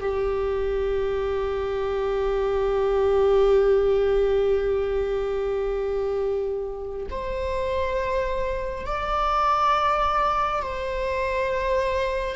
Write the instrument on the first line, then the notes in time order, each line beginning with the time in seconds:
viola
0.00 G4
7.10 C5
8.86 D5
10.62 C5